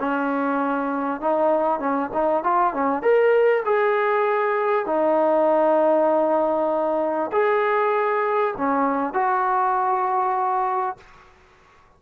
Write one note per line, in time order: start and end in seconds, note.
0.00 1.21 C#4
1.21 1.80 D#4
1.80 2.11 C#4
2.14 2.44 D#4
2.44 2.74 F4
2.74 3.03 C#4
3.03 3.64 A#4
3.66 4.86 G#4
4.86 7.31 D#4
7.33 8.55 G#4
8.58 9.14 C#4
9.14 10.98 F#4